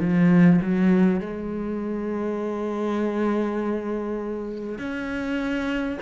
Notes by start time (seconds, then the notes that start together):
0.00 F3
0.62 F#3
1.20 G#3
4.78 C#4